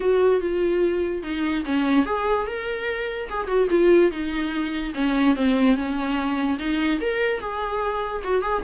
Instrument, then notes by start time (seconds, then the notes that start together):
viola
0.00 F#4
0.40 F4
1.22 D#4
1.65 C#4
2.05 G#4
2.47 A#4
3.29 G#4
3.47 F#4
3.70 F4
4.11 D#4
4.94 C#4
5.35 C4
5.75 C#4
6.58 D#4
7.00 A#4
7.40 G#4
8.23 F#4
8.42 G#4